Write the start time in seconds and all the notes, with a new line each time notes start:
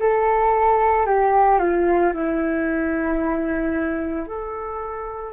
0.00 A4
1.07 G4
1.59 F4
2.14 E4
4.27 A4